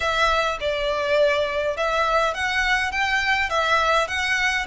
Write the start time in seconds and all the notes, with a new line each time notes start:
0.00 E5
0.60 D5
1.76 E5
2.34 F#5
2.91 G5
3.49 E5
4.07 F#5